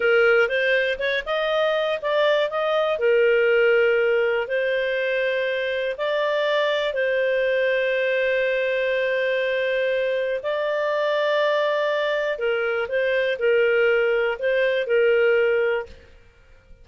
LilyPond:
\new Staff \with { instrumentName = "clarinet" } { \time 4/4 \tempo 4 = 121 ais'4 c''4 cis''8 dis''4. | d''4 dis''4 ais'2~ | ais'4 c''2. | d''2 c''2~ |
c''1~ | c''4 d''2.~ | d''4 ais'4 c''4 ais'4~ | ais'4 c''4 ais'2 | }